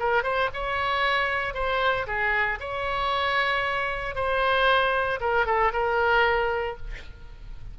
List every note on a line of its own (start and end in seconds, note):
0.00 0.24 A#4
0.24 0.50 C5
0.54 1.55 C#5
1.55 2.07 C5
2.07 2.59 G#4
2.61 4.16 C#5
4.16 5.20 C5
5.21 5.46 A#4
5.46 5.72 A4
5.73 6.78 A#4